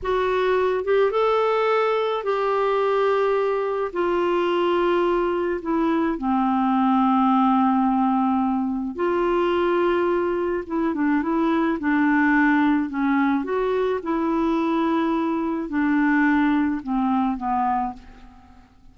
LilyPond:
\new Staff \with { instrumentName = "clarinet" } { \time 4/4 \tempo 4 = 107 fis'4. g'8 a'2 | g'2. f'4~ | f'2 e'4 c'4~ | c'1 |
f'2. e'8 d'8 | e'4 d'2 cis'4 | fis'4 e'2. | d'2 c'4 b4 | }